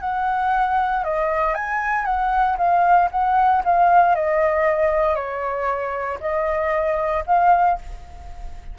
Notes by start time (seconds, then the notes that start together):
0.00 F#5
1.03 D#5
1.54 G#5
2.05 F#5
2.57 F5
3.11 F#5
3.64 F5
4.15 D#5
5.15 C#5
6.20 D#5
7.26 F5